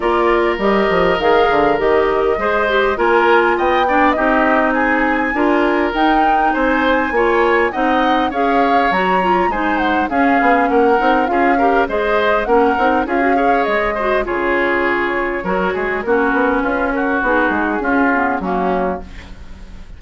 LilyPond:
<<
  \new Staff \with { instrumentName = "flute" } { \time 4/4 \tempo 4 = 101 d''4 dis''4 f''4 dis''4~ | dis''4 gis''4 g''4 dis''4 | gis''2 g''4 gis''4~ | gis''4 fis''4 f''4 ais''4 |
gis''8 fis''8 f''4 fis''4 f''4 | dis''4 fis''4 f''4 dis''4 | cis''2. ais'4 | b'8 ais'8 gis'2 fis'4 | }
  \new Staff \with { instrumentName = "oboe" } { \time 4/4 ais'1 | c''4 ais'4 dis''8 d''8 g'4 | gis'4 ais'2 c''4 | cis''4 dis''4 cis''2 |
c''4 gis'4 ais'4 gis'8 ais'8 | c''4 ais'4 gis'8 cis''4 c''8 | gis'2 ais'8 gis'8 fis'4 | f'8 fis'4. f'4 cis'4 | }
  \new Staff \with { instrumentName = "clarinet" } { \time 4/4 f'4 g'4 gis'4 g'4 | gis'8 g'8 f'4. d'8 dis'4~ | dis'4 f'4 dis'2 | f'4 dis'4 gis'4 fis'8 f'8 |
dis'4 cis'4. dis'8 f'8 g'8 | gis'4 cis'8 dis'8 f'16 fis'16 gis'4 fis'8 | f'2 fis'4 cis'4~ | cis'4 dis'4 cis'8 b8 ais4 | }
  \new Staff \with { instrumentName = "bassoon" } { \time 4/4 ais4 g8 f8 dis8 d8 dis4 | gis4 ais4 b4 c'4~ | c'4 d'4 dis'4 c'4 | ais4 c'4 cis'4 fis4 |
gis4 cis'8 b8 ais8 c'8 cis'4 | gis4 ais8 c'8 cis'4 gis4 | cis2 fis8 gis8 ais8 b8 | cis'4 b8 gis8 cis'4 fis4 | }
>>